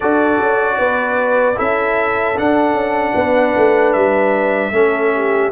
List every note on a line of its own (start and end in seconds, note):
0.00 0.40 D4
0.00 1.55 F#4
0.00 0.76 A4
0.00 1.58 D5
0.40 0.78 C#4
0.78 1.57 B3
0.78 1.56 B4
1.55 2.38 C#4
1.55 2.34 E4
1.55 3.14 A4
1.55 2.37 E5
2.36 4.72 D4
2.36 2.73 D4
2.36 3.92 F#5
2.73 3.12 C#4
3.14 3.54 B3
3.14 4.72 B4
3.56 3.95 A3
3.92 4.71 G3
3.92 5.50 E5
4.71 5.50 A3
4.71 5.51 C#4
4.71 5.13 A4
5.14 5.51 G4